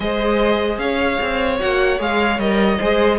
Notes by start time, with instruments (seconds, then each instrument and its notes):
0.00 cello G#3, viola G#4, violin C5 D#5
0.78 cello C#4, violin C#5 F5
1.21 cello C4
1.59 cello A#3, viola F#4, violin F#5
1.99 cello G#3, viola G#4, violin F5
2.39 cello G3, viola A#4, violin D#5
2.78 cello G#3, viola G#4, violin C5